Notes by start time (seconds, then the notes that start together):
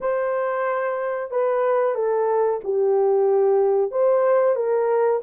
0.00 C5
1.30 B4
1.94 A4
2.64 G4
3.91 C5
4.55 A#4